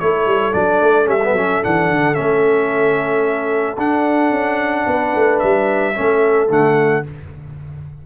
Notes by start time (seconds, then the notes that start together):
0.00 A3 E4 A4 C#5
0.26 G3
0.53 F#3 D4 D5
0.81 A3
1.04 G3 C#4 E5
1.24 B3
1.32 F#3 C#4
1.63 E3 D4 F#5
1.91 D3
2.15 A3 C#4 E5
3.78 D4 F#5
4.31 C#4
4.87 B3 B4
5.15 A3
5.39 G3 E5
5.94 A3 C#4 A4
6.49 D3 A3 F#5